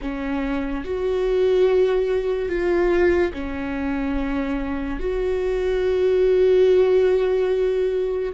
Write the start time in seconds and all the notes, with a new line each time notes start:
0.01 C#4
0.84 F#4
2.48 F4
3.33 C#4
4.99 F#4